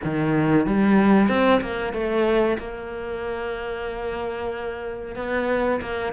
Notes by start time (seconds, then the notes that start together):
0.04 D#3
0.66 G3
1.28 C4
1.61 A#3
1.93 A3
2.58 A#3
5.15 B3
5.81 A#3